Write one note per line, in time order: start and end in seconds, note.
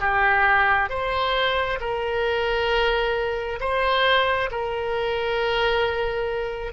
0.00 0.89 G4
0.89 1.79 C5
1.80 3.59 A#4
3.60 4.50 C5
4.51 6.72 A#4